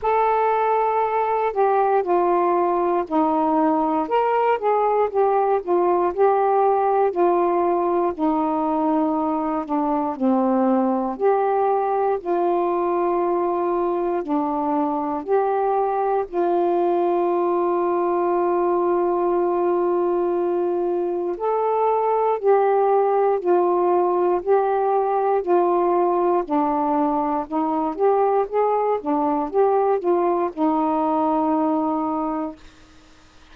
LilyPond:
\new Staff \with { instrumentName = "saxophone" } { \time 4/4 \tempo 4 = 59 a'4. g'8 f'4 dis'4 | ais'8 gis'8 g'8 f'8 g'4 f'4 | dis'4. d'8 c'4 g'4 | f'2 d'4 g'4 |
f'1~ | f'4 a'4 g'4 f'4 | g'4 f'4 d'4 dis'8 g'8 | gis'8 d'8 g'8 f'8 dis'2 | }